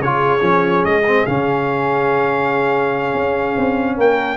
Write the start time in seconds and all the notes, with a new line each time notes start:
0.00 C#3 F4 G#4 C#5
0.40 F3 C#4
0.84 G#3 D#5
1.07 C4
1.26 C#3 C#4 F5
3.14 C#4
3.57 C4
3.96 A#3 A#4 G5